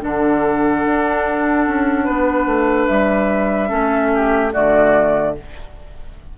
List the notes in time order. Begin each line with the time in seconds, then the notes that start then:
0.00 D3 D4 A4 F#5
0.85 D4
1.67 C#4
2.04 B3 B4
2.45 A3
2.87 G3 E5
3.68 A3 C#4 A4
4.14 G4
4.52 D3 A3 F#4 D5